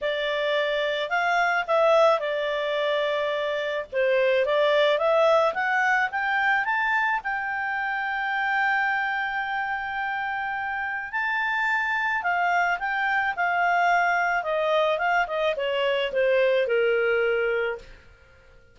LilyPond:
\new Staff \with { instrumentName = "clarinet" } { \time 4/4 \tempo 4 = 108 d''2 f''4 e''4 | d''2. c''4 | d''4 e''4 fis''4 g''4 | a''4 g''2.~ |
g''1 | a''2 f''4 g''4 | f''2 dis''4 f''8 dis''8 | cis''4 c''4 ais'2 | }